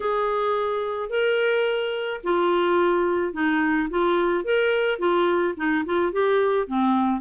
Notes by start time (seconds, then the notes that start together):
0.00 G#4
1.09 A#4
2.23 F4
3.33 D#4
3.89 F4
4.44 A#4
4.98 F4
5.56 D#4
5.85 F4
6.12 G4
6.67 C4